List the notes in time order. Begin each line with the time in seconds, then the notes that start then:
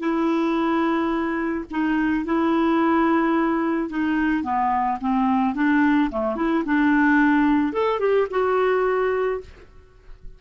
0.00 E4
1.71 D#4
2.26 E4
3.90 D#4
4.44 B3
5.01 C4
5.55 D4
6.12 A3
6.37 E4
6.66 D4
7.73 A4
8.00 G4
8.31 F#4